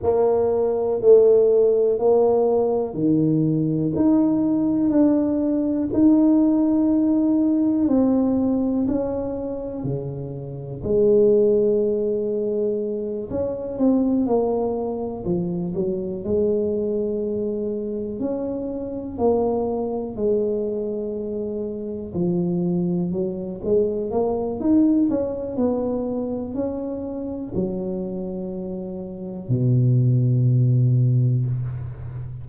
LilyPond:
\new Staff \with { instrumentName = "tuba" } { \time 4/4 \tempo 4 = 61 ais4 a4 ais4 dis4 | dis'4 d'4 dis'2 | c'4 cis'4 cis4 gis4~ | gis4. cis'8 c'8 ais4 f8 |
fis8 gis2 cis'4 ais8~ | ais8 gis2 f4 fis8 | gis8 ais8 dis'8 cis'8 b4 cis'4 | fis2 b,2 | }